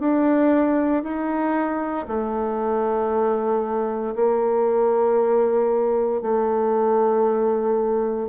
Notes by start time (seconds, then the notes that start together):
0.00 D4
1.03 D#4
2.08 A3
4.15 A#3
6.22 A3